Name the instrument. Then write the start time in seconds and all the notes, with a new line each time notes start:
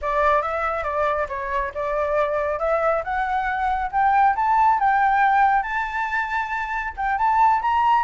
flute
0.01 D5
0.42 E5
0.83 D5
1.28 C#5
1.74 D5
2.59 E5
3.04 F#5
3.91 G5
4.35 A5
4.79 G5
5.63 A5
6.97 G5
7.17 A5
7.61 A#5